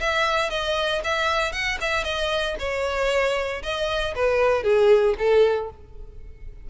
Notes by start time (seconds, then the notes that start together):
0.00 E5
0.50 D#5
1.04 E5
1.52 F#5
1.81 E5
2.04 D#5
2.59 C#5
3.63 D#5
4.15 B4
4.63 G#4
5.18 A4